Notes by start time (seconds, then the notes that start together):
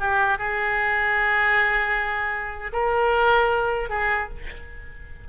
0.00 G4
0.38 G#4
2.73 A#4
3.90 G#4